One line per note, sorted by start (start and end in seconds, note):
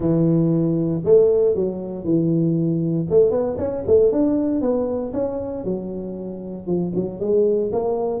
0.00 1.02 E3
1.04 1.55 A3
1.55 2.04 F#3
2.04 3.06 E3
3.09 3.31 A3
3.31 3.56 B3
3.58 3.83 C#4
3.86 4.12 A3
4.12 4.61 D4
4.61 5.12 B3
5.13 5.64 C#4
5.64 6.67 F#3
6.67 6.92 F3
6.95 7.20 F#3
7.20 7.71 G#3
7.72 8.20 A#3